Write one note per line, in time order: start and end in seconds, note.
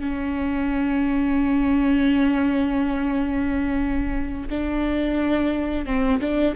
0.00 4.48 C#4
4.49 5.85 D4
5.85 6.20 C4
6.20 6.55 D4